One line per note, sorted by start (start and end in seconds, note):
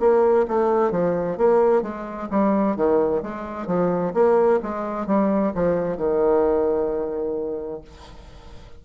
0.00 0.46 A#3
0.48 0.91 A3
0.91 1.37 F3
1.38 1.83 A#3
1.83 2.29 G#3
2.30 2.76 G3
2.76 3.22 D#3
3.23 3.67 G#3
3.67 4.13 F3
4.14 4.60 A#3
4.63 5.06 G#3
5.06 5.53 G3
5.55 5.97 F3
5.97 7.82 D#3